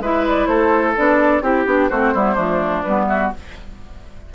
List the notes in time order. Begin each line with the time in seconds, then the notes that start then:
0.00 G#3 E4 B4 E5
0.28 D5
0.47 A3 A4 C5
0.96 B3 D4 D5
1.42 C4 E4 G4
1.66 B3 D4
1.90 A3 C4 F#4 C5
2.14 G3 B3 E4
2.35 F3 A3 D4
2.83 G3 B3 B4
3.07 F#4 E5